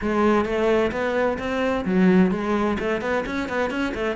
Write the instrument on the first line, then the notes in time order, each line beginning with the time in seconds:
cello
0.01 G#3
0.45 A3
0.91 B3
1.38 C4
1.85 F#3
2.31 G#3
2.79 A3
3.01 B3
3.26 C#4
3.48 B3
3.70 C#4
3.94 A3